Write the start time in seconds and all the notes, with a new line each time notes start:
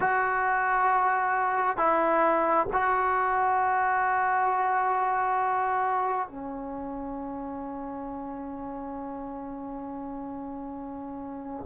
0.00 F#4
1.77 E4
2.73 F#4
6.28 C#4